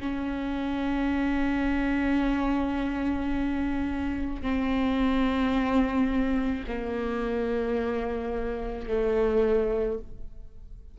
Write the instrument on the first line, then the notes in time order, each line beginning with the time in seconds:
viola
0.00 C#4
4.42 C4
6.68 A#3
8.87 A3